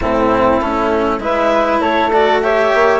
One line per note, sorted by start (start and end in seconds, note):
0.01 0.61 A2
0.01 0.61 C4
0.01 1.22 E4
0.01 1.22 A4
0.61 1.18 A3
0.61 1.20 C#4
1.18 1.79 G#3
1.18 2.11 E4
1.18 1.80 B4
1.18 1.81 E5
1.80 2.71 A3
1.80 2.41 A4
1.80 2.11 C#5
2.12 2.42 F#4
2.12 2.42 D5
2.42 2.99 G4
2.42 2.99 C#5
2.42 2.99 E5
2.74 2.99 A#3